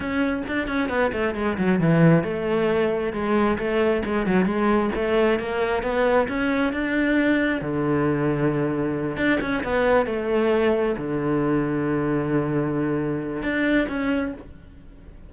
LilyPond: \new Staff \with { instrumentName = "cello" } { \time 4/4 \tempo 4 = 134 cis'4 d'8 cis'8 b8 a8 gis8 fis8 | e4 a2 gis4 | a4 gis8 fis8 gis4 a4 | ais4 b4 cis'4 d'4~ |
d'4 d2.~ | d8 d'8 cis'8 b4 a4.~ | a8 d2.~ d8~ | d2 d'4 cis'4 | }